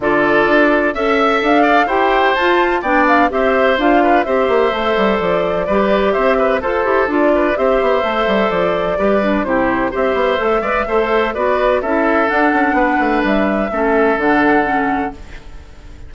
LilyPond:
<<
  \new Staff \with { instrumentName = "flute" } { \time 4/4 \tempo 4 = 127 d''2 e''4 f''4 | g''4 a''4 g''8 f''8 e''4 | f''4 e''2 d''4~ | d''4 e''4 c''4 d''4 |
e''2 d''2 | c''4 e''2. | d''4 e''4 fis''2 | e''2 fis''2 | }
  \new Staff \with { instrumentName = "oboe" } { \time 4/4 a'2 e''4. d''8 | c''2 d''4 c''4~ | c''8 b'8 c''2. | b'4 c''8 b'8 a'4. b'8 |
c''2. b'4 | g'4 c''4. d''8 c''4 | b'4 a'2 b'4~ | b'4 a'2. | }
  \new Staff \with { instrumentName = "clarinet" } { \time 4/4 f'2 a'2 | g'4 f'4 d'4 g'4 | f'4 g'4 a'2 | g'2 a'8 g'8 f'4 |
g'4 a'2 g'8 d'8 | e'4 g'4 a'8 b'8 a'4 | fis'4 e'4 d'2~ | d'4 cis'4 d'4 cis'4 | }
  \new Staff \with { instrumentName = "bassoon" } { \time 4/4 d4 d'4 cis'4 d'4 | e'4 f'4 b4 c'4 | d'4 c'8 ais8 a8 g8 f4 | g4 c'4 f'8 e'8 d'4 |
c'8 b8 a8 g8 f4 g4 | c4 c'8 b8 a8 gis8 a4 | b4 cis'4 d'8 cis'8 b8 a8 | g4 a4 d2 | }
>>